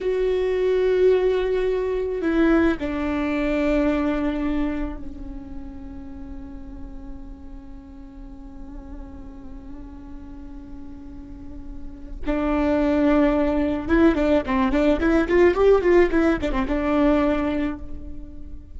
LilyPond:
\new Staff \with { instrumentName = "viola" } { \time 4/4 \tempo 4 = 108 fis'1 | e'4 d'2.~ | d'4 cis'2.~ | cis'1~ |
cis'1~ | cis'2 d'2~ | d'4 e'8 d'8 c'8 d'8 e'8 f'8 | g'8 f'8 e'8 d'16 c'16 d'2 | }